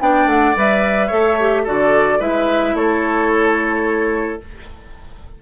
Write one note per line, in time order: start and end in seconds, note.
0.00 0.26 B3
0.00 0.55 D4
0.00 1.07 D5
0.00 0.29 G5
0.26 0.53 A3
0.26 0.56 F#5
0.57 1.11 G3
0.57 1.11 B4
0.57 1.67 E5
1.07 1.66 A3
1.07 1.38 A4
1.07 1.62 C#5
1.40 1.66 G4
1.64 2.20 D3
1.64 2.20 F#4
1.64 2.19 A4
1.64 2.21 D5
2.20 2.74 G#3
2.20 4.40 E4
2.20 2.75 B4
2.20 2.76 E5
2.74 4.39 A3
2.74 4.42 A4
2.74 4.41 C#5